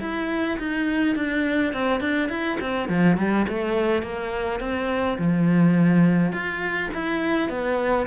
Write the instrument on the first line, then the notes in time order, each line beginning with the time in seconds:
cello
0.00 E4
0.59 D#4
1.16 D4
1.73 C4
2.00 D4
2.29 E4
2.60 C4
2.89 F3
3.17 G3
3.49 A3
4.02 A#3
4.60 C4
5.18 F3
6.33 F4
6.94 E4
7.49 B3